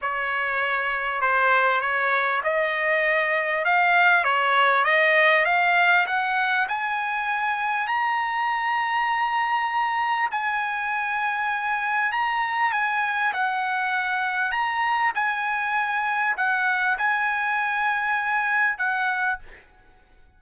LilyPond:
\new Staff \with { instrumentName = "trumpet" } { \time 4/4 \tempo 4 = 99 cis''2 c''4 cis''4 | dis''2 f''4 cis''4 | dis''4 f''4 fis''4 gis''4~ | gis''4 ais''2.~ |
ais''4 gis''2. | ais''4 gis''4 fis''2 | ais''4 gis''2 fis''4 | gis''2. fis''4 | }